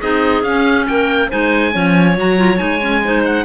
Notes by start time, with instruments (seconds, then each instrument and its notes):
0.00 cello C4, clarinet D#4 G#4, oboe D#5
0.43 cello C#4, clarinet C#4, oboe F5
0.88 cello A#3, clarinet A#4, oboe G5
1.29 cello G#3, clarinet D#4 C5, oboe G#5
1.72 cello F3, clarinet C#4 C#5
2.16 cello F#3, clarinet F#4, oboe A#5
2.37 clarinet F4
2.57 cello G#3, clarinet D#4, oboe G#5
2.81 clarinet C#4
3.04 clarinet D#4 C5
3.25 oboe F#5